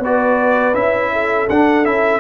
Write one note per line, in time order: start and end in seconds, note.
0.00 0.73 B3
0.00 0.74 F#4
0.00 1.12 B4
0.00 0.75 D5
0.74 1.48 C#4
0.74 1.47 E4
0.74 1.48 E5
1.13 2.20 A4
1.49 1.86 D4
1.49 1.84 D4
1.49 1.85 F#5
1.84 2.20 C#4
1.84 2.20 E4
1.84 2.20 E5